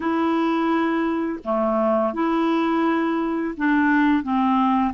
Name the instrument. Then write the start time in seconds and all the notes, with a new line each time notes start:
clarinet
0.00 E4
1.44 A3
2.13 E4
3.56 D4
4.23 C4